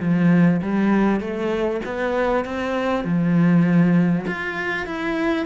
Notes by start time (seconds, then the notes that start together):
0.00 F3
0.62 G3
1.20 A3
1.85 B3
2.45 C4
3.04 F3
4.27 F4
4.86 E4